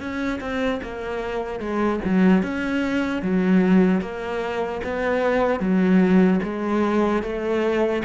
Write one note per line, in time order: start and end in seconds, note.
0.00 0.40 C#4
0.41 0.81 C4
0.83 1.60 A#3
1.60 2.00 G#3
2.05 2.43 F#3
2.43 3.23 C#4
3.23 4.01 F#3
4.01 4.81 A#3
4.84 5.60 B3
5.60 6.40 F#3
6.44 7.23 G#3
7.23 8.03 A3